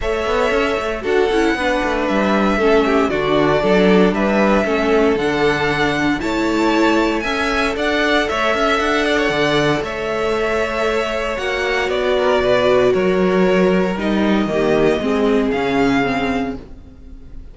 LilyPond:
<<
  \new Staff \with { instrumentName = "violin" } { \time 4/4 \tempo 4 = 116 e''2 fis''2 | e''2 d''2 | e''2 fis''2 | a''2 gis''4 fis''4 |
e''4 fis''2 e''4~ | e''2 fis''4 d''4~ | d''4 cis''2 dis''4~ | dis''2 f''2 | }
  \new Staff \with { instrumentName = "violin" } { \time 4/4 cis''2 a'4 b'4~ | b'4 a'8 g'8 fis'4 a'4 | b'4 a'2. | cis''2 e''4 d''4 |
cis''8 e''4 d''16 cis''16 d''4 cis''4~ | cis''2.~ cis''8 ais'8 | b'4 ais'2. | g'4 gis'2. | }
  \new Staff \with { instrumentName = "viola" } { \time 4/4 a'2 fis'8 e'8 d'4~ | d'4 cis'4 d'2~ | d'4 cis'4 d'2 | e'2 a'2~ |
a'1~ | a'2 fis'2~ | fis'2. dis'4 | ais4 c'4 cis'4 c'4 | }
  \new Staff \with { instrumentName = "cello" } { \time 4/4 a8 b8 cis'8 a8 d'8 cis'8 b8 a8 | g4 a4 d4 fis4 | g4 a4 d2 | a2 cis'4 d'4 |
a8 cis'8 d'4 d4 a4~ | a2 ais4 b4 | b,4 fis2 g4 | dis4 gis4 cis2 | }
>>